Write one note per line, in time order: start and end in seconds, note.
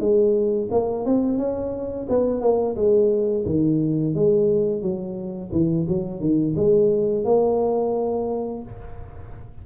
0.00 0.69 G#3
0.71 1.05 A#3
1.05 1.38 C4
1.38 2.07 C#4
2.09 2.41 B3
2.41 2.76 A#3
2.76 3.45 G#3
3.45 4.14 D#3
4.14 4.82 G#3
4.82 5.51 F#3
5.52 5.87 E3
5.88 6.20 F#3
6.20 6.55 D#3
6.56 7.25 G#3
7.25 8.63 A#3